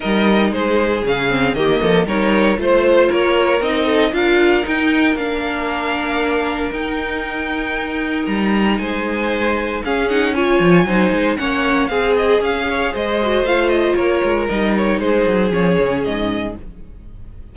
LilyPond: <<
  \new Staff \with { instrumentName = "violin" } { \time 4/4 \tempo 4 = 116 dis''4 c''4 f''4 dis''4 | cis''4 c''4 cis''4 dis''4 | f''4 g''4 f''2~ | f''4 g''2. |
ais''4 gis''2 f''8 fis''8 | gis''2 fis''4 f''8 dis''8 | f''4 dis''4 f''8 dis''8 cis''4 | dis''8 cis''8 c''4 cis''4 dis''4 | }
  \new Staff \with { instrumentName = "violin" } { \time 4/4 ais'4 gis'2 g'8 a'8 | ais'4 c''4 ais'4. a'8 | ais'1~ | ais'1~ |
ais'4 c''2 gis'4 | cis''4 c''4 cis''4 gis'4~ | gis'8 cis''8 c''2 ais'4~ | ais'4 gis'2. | }
  \new Staff \with { instrumentName = "viola" } { \time 4/4 dis'2 cis'8 c'8 ais4 | dis'4 f'2 dis'4 | f'4 dis'4 d'2~ | d'4 dis'2.~ |
dis'2. cis'8 dis'8 | f'4 dis'4 cis'4 gis'4~ | gis'4. fis'8 f'2 | dis'2 cis'2 | }
  \new Staff \with { instrumentName = "cello" } { \time 4/4 g4 gis4 cis4 dis8 f8 | g4 a4 ais4 c'4 | d'4 dis'4 ais2~ | ais4 dis'2. |
g4 gis2 cis'4~ | cis'8 f8 fis8 gis8 ais4 c'4 | cis'4 gis4 a4 ais8 gis8 | g4 gis8 fis8 f8 cis8 gis,4 | }
>>